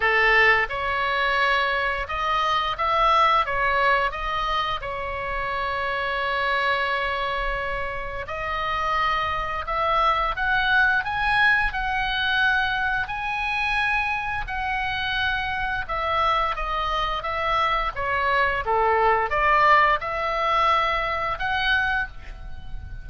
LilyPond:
\new Staff \with { instrumentName = "oboe" } { \time 4/4 \tempo 4 = 87 a'4 cis''2 dis''4 | e''4 cis''4 dis''4 cis''4~ | cis''1 | dis''2 e''4 fis''4 |
gis''4 fis''2 gis''4~ | gis''4 fis''2 e''4 | dis''4 e''4 cis''4 a'4 | d''4 e''2 fis''4 | }